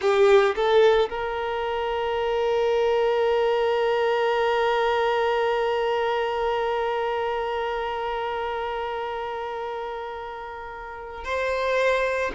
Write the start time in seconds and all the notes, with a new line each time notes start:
0.01 G4
0.55 A4
1.10 A#4
11.24 C5